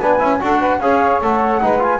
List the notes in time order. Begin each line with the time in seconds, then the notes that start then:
0.00 B3 D4 B4 G#5
0.19 C#4 E4
0.39 D4 F#4 A4 F#5
0.60 B4
0.80 C#4 G#4 C#5 F5
1.21 A3 A4 F#5
1.61 G#3 D#4 B4
1.79 F4 G#5